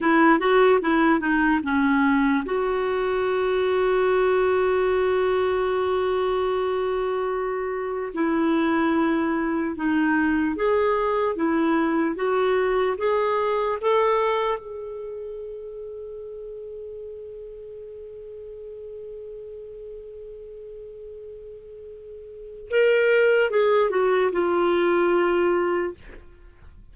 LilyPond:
\new Staff \with { instrumentName = "clarinet" } { \time 4/4 \tempo 4 = 74 e'8 fis'8 e'8 dis'8 cis'4 fis'4~ | fis'1~ | fis'2 e'2 | dis'4 gis'4 e'4 fis'4 |
gis'4 a'4 gis'2~ | gis'1~ | gis'1 | ais'4 gis'8 fis'8 f'2 | }